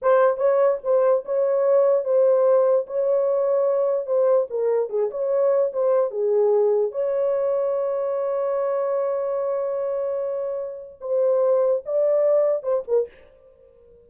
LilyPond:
\new Staff \with { instrumentName = "horn" } { \time 4/4 \tempo 4 = 147 c''4 cis''4 c''4 cis''4~ | cis''4 c''2 cis''4~ | cis''2 c''4 ais'4 | gis'8 cis''4. c''4 gis'4~ |
gis'4 cis''2.~ | cis''1~ | cis''2. c''4~ | c''4 d''2 c''8 ais'8 | }